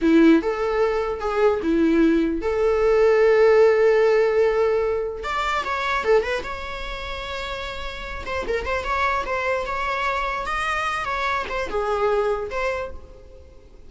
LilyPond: \new Staff \with { instrumentName = "viola" } { \time 4/4 \tempo 4 = 149 e'4 a'2 gis'4 | e'2 a'2~ | a'1~ | a'4 d''4 cis''4 a'8 b'8 |
cis''1~ | cis''8 c''8 ais'8 c''8 cis''4 c''4 | cis''2 dis''4. cis''8~ | cis''8 c''8 gis'2 c''4 | }